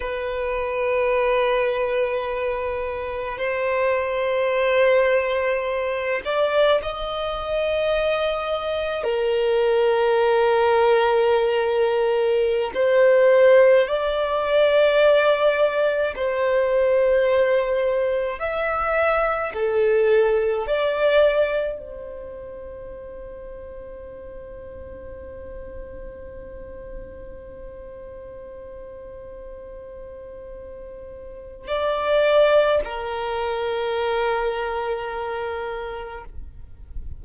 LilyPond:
\new Staff \with { instrumentName = "violin" } { \time 4/4 \tempo 4 = 53 b'2. c''4~ | c''4. d''8 dis''2 | ais'2.~ ais'16 c''8.~ | c''16 d''2 c''4.~ c''16~ |
c''16 e''4 a'4 d''4 c''8.~ | c''1~ | c''1 | d''4 ais'2. | }